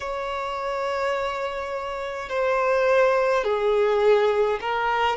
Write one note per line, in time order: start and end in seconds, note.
0.00 2.29 C#5
2.29 3.44 C5
3.44 4.59 G#4
4.60 5.16 A#4